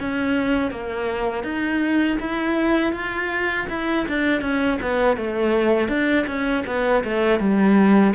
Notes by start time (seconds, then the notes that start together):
0.00 C#4
0.71 A#3
1.43 D#4
2.20 E4
2.93 F4
3.69 E4
4.08 D4
4.41 C#4
4.81 B3
5.17 A3
5.89 D4
6.27 C#4
6.67 B3
7.04 A3
7.40 G3